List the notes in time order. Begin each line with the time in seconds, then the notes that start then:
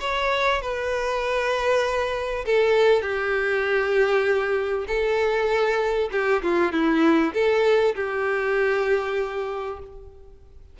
0.00 C#5
0.61 B4
2.45 A4
3.01 G4
4.87 A4
6.11 G4
6.42 F4
6.72 E4
7.33 A4
7.95 G4